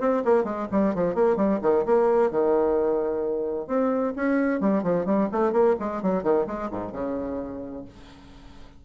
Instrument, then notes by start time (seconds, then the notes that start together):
bassoon
0.00 C4
0.25 A#3
0.44 G#3
0.72 G3
0.95 F3
1.15 A#3
1.37 G3
1.62 D#3
1.86 A#3
2.31 D#3
3.67 C4
4.16 C#4
4.60 G3
4.83 F3
5.06 G3
5.32 A3
5.52 A#3
5.79 G#3
6.02 F#3
6.23 D#3
6.47 G#3
6.71 G#2
6.92 C#3